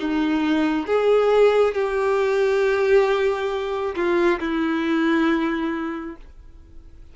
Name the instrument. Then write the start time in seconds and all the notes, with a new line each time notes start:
violin
0.00 D#4
0.87 G#4
1.74 G4
3.96 F4
4.40 E4